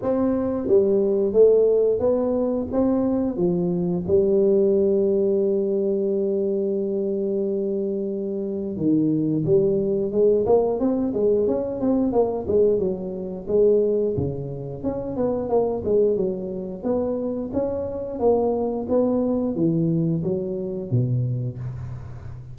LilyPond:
\new Staff \with { instrumentName = "tuba" } { \time 4/4 \tempo 4 = 89 c'4 g4 a4 b4 | c'4 f4 g2~ | g1~ | g4 dis4 g4 gis8 ais8 |
c'8 gis8 cis'8 c'8 ais8 gis8 fis4 | gis4 cis4 cis'8 b8 ais8 gis8 | fis4 b4 cis'4 ais4 | b4 e4 fis4 b,4 | }